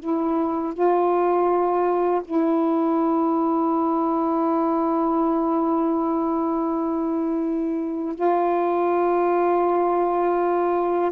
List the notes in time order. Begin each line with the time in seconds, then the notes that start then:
0.00 E4
0.74 F4
2.25 E4
8.15 F4